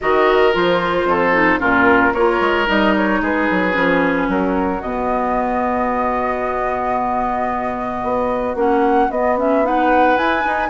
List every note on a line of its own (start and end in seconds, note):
0.01 0.55 D#3
0.01 0.52 F#4
0.01 1.08 A#4
0.01 0.54 D#5
0.52 1.04 F3
0.52 1.32 F4
0.52 1.60 C5
1.04 1.58 F2
1.04 1.59 A4
1.32 1.59 D#4
1.59 2.13 A#2
1.59 2.12 C#4
1.59 2.13 F4
1.59 2.14 A#4
2.13 2.40 A#3
2.13 2.66 F4
2.13 3.21 A#4
2.13 2.67 C#5
2.40 2.67 G#3
2.66 3.21 G3
2.66 3.72 D#4
2.66 2.95 D#5
2.96 3.23 C#5
3.21 3.47 G#3
3.21 4.28 G#4
3.21 4.29 B4
3.50 3.75 F#3
3.72 4.28 F3
3.72 4.79 C#4
4.28 4.81 F#3
4.28 9.64 F#4
4.28 4.81 A#4
4.81 8.02 B2
4.81 8.56 B3
4.81 8.56 D#5
8.02 8.54 B3
8.54 9.08 A#3
8.54 9.09 C#4
8.54 9.10 F#5
9.10 10.17 B3
9.10 9.37 B3
9.10 9.37 D#5
9.37 9.64 C#4
9.37 9.65 E5
9.64 10.17 D#4
9.64 10.69 B4
9.64 10.17 F#5
10.17 10.43 E4
10.17 10.40 E4
10.17 10.69 G#5
10.40 10.67 D#4
10.46 10.69 D#4